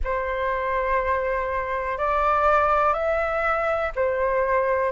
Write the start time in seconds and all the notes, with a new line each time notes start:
0.04 C5
1.98 D5
2.93 E5
3.95 C5